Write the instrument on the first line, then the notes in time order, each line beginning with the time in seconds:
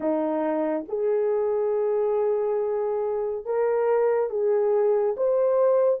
horn
0.00 D#4
0.88 G#4
3.45 A#4
4.29 G#4
5.16 C5